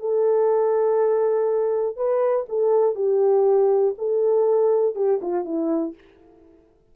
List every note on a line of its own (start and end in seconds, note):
0.00 1.96 A4
1.96 2.46 B4
2.49 2.95 A4
2.95 3.94 G4
3.98 4.95 A4
4.95 5.20 G4
5.21 5.45 F4
5.45 5.94 E4